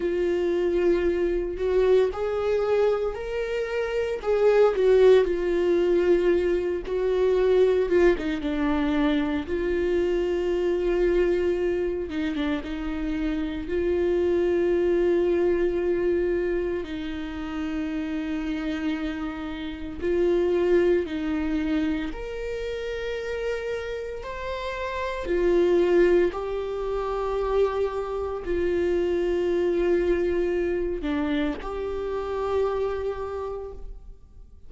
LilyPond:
\new Staff \with { instrumentName = "viola" } { \time 4/4 \tempo 4 = 57 f'4. fis'8 gis'4 ais'4 | gis'8 fis'8 f'4. fis'4 f'16 dis'16 | d'4 f'2~ f'8 dis'16 d'16 | dis'4 f'2. |
dis'2. f'4 | dis'4 ais'2 c''4 | f'4 g'2 f'4~ | f'4. d'8 g'2 | }